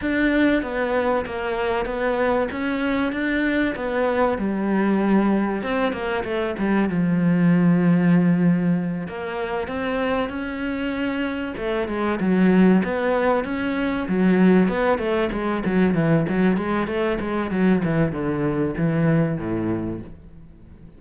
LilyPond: \new Staff \with { instrumentName = "cello" } { \time 4/4 \tempo 4 = 96 d'4 b4 ais4 b4 | cis'4 d'4 b4 g4~ | g4 c'8 ais8 a8 g8 f4~ | f2~ f8 ais4 c'8~ |
c'8 cis'2 a8 gis8 fis8~ | fis8 b4 cis'4 fis4 b8 | a8 gis8 fis8 e8 fis8 gis8 a8 gis8 | fis8 e8 d4 e4 a,4 | }